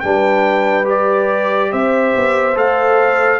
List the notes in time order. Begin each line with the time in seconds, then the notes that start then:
0.00 G3 D4 B4 G5
0.84 G4 D5
1.70 C4 C5 E5
2.15 B3
2.55 A3 A4 F5